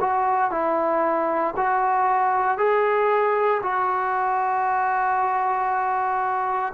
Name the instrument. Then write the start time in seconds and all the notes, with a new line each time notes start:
trombone
0.00 F#4
0.51 E4
1.57 F#4
2.58 G#4
3.62 F#4